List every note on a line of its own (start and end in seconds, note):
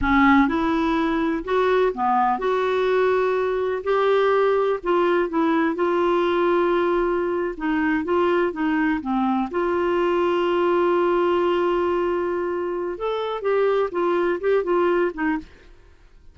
0.01 0.48 C#4
0.48 1.44 E4
1.44 1.92 F#4
1.94 2.38 B3
2.38 3.82 F#4
3.83 4.79 G4
4.83 5.29 F4
5.29 5.75 E4
5.75 7.55 F4
7.57 8.04 D#4
8.04 8.52 F4
8.52 9.00 D#4
9.01 9.49 C4
9.50 12.97 F4
12.97 13.41 A4
13.41 13.89 G4
13.91 14.39 F4
14.40 14.63 G4
14.63 15.11 F4
15.14 15.38 D#4